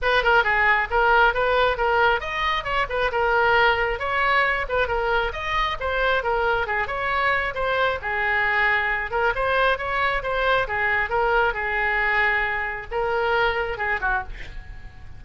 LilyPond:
\new Staff \with { instrumentName = "oboe" } { \time 4/4 \tempo 4 = 135 b'8 ais'8 gis'4 ais'4 b'4 | ais'4 dis''4 cis''8 b'8 ais'4~ | ais'4 cis''4. b'8 ais'4 | dis''4 c''4 ais'4 gis'8 cis''8~ |
cis''4 c''4 gis'2~ | gis'8 ais'8 c''4 cis''4 c''4 | gis'4 ais'4 gis'2~ | gis'4 ais'2 gis'8 fis'8 | }